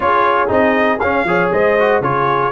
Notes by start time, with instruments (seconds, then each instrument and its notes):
0.00 tuba C#4, trombone F4, horn G#4, trumpet C#5
0.47 tuba C4, trombone D#4, trumpet D#5
0.99 tuba C#4, trombone C#4, trumpet F5
1.24 tuba F3, trombone G#4, horn C#5
1.52 tuba G#3, horn C5, trumpet D#5
1.79 trombone F#4
2.00 tuba C#3, trombone F4, horn G#4, trumpet C#5